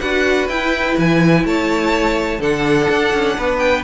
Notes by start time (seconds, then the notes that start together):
0.00 D4 F#4 B4 F#5
0.48 E4 G5
0.98 E3 G#5
1.45 A3 C#5 A5
2.39 D3 D4 A4 F#5
2.90 D4
3.14 C#4
3.37 B3 B4
3.59 G5